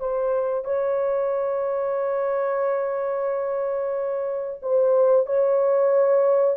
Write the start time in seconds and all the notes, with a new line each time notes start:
0.00 C5
0.65 C#5
4.62 C5
5.26 C#5